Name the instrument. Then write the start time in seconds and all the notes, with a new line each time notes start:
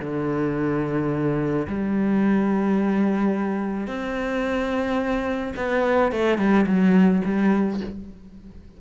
cello
0.00 D3
1.67 G3
3.87 C4
5.56 B3
6.12 A3
6.38 G3
6.66 F#3
7.25 G3